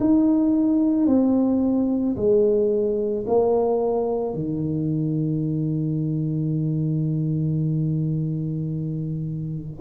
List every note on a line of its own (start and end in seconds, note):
0.00 1.07 D#4
1.07 2.16 C4
2.16 3.25 G#3
3.27 4.34 A#3
4.34 9.80 D#3